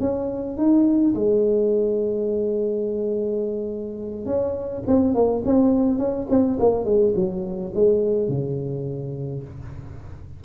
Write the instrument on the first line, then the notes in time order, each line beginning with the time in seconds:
tuba
0.00 C#4
0.57 D#4
1.15 G#3
4.26 C#4
4.87 C4
5.14 A#3
5.45 C4
5.98 C#4
6.30 C4
6.60 A#3
6.84 G#3
7.15 F#3
7.74 G#3
8.29 C#3